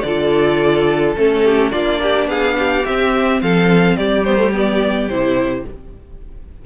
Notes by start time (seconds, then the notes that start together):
0.00 D3 A4 D5
0.06 F4
1.15 A3 C#4 A4
1.44 G4
1.71 A#3 D4 F4 D5
2.02 G4
2.26 B3 G#4 F5
2.58 G4
2.84 C4 E5
3.41 F3 A4 F5
3.96 G3 G4 D5
4.24 B3 C5
4.36 A3
4.53 B3 D5
5.08 C3 E4 C5